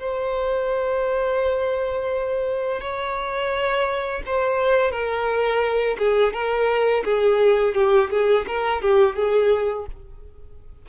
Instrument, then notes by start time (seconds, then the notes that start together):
violin
0.00 C5
2.81 C#5
4.26 C5
4.92 A#4
5.99 G#4
6.33 A#4
7.05 G#4
7.75 G4
8.11 G#4
8.48 A#4
8.82 G4
9.16 G#4